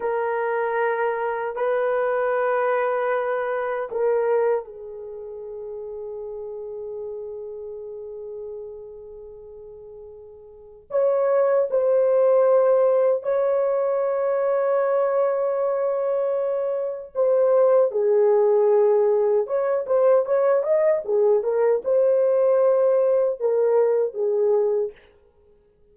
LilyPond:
\new Staff \with { instrumentName = "horn" } { \time 4/4 \tempo 4 = 77 ais'2 b'2~ | b'4 ais'4 gis'2~ | gis'1~ | gis'2 cis''4 c''4~ |
c''4 cis''2.~ | cis''2 c''4 gis'4~ | gis'4 cis''8 c''8 cis''8 dis''8 gis'8 ais'8 | c''2 ais'4 gis'4 | }